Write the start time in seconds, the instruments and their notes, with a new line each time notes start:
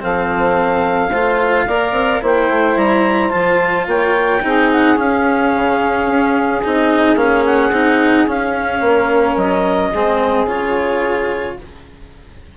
0.00 bassoon F3, cello C4, saxophone A4, clarinet F5
1.11 bassoon A3, cello F4, saxophone C5
1.67 bassoon A#3, cello A#4, saxophone D5
1.92 bassoon C4
2.22 bassoon A#3, cello E4, saxophone C5, clarinet G5
2.50 bassoon A3
2.77 bassoon G3, clarinet A#5
3.30 bassoon F3, cello F4, clarinet A5
3.87 bassoon A#3, saxophone C#5, clarinet G5
4.42 bassoon C4, cello D#4, saxophone G#4
4.72 clarinet F#5
4.97 cello C#4, bassoon C#4, clarinet F5
5.55 bassoon C#3
6.07 bassoon C#4
6.64 bassoon C4, cello D#4, clarinet D#5
7.16 bassoon A#3, cello C#4, clarinet F5
7.46 clarinet F#5
7.72 bassoon C4, cello D#4
8.28 cello C#4, bassoon C#4, clarinet F5
8.81 bassoon A#3, saxophone A#4
9.37 bassoon F#3, clarinet D#5
9.92 bassoon G#3, cello C4, saxophone G#4
10.46 bassoon C#3, cello F4, clarinet C#5